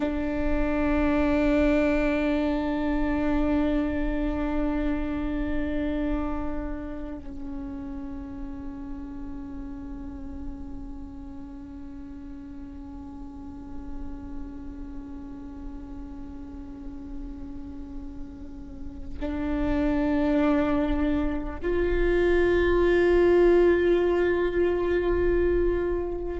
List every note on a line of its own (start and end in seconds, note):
0.00 7.18 D4
7.18 19.18 C#4
19.20 21.60 D4
21.62 26.39 F4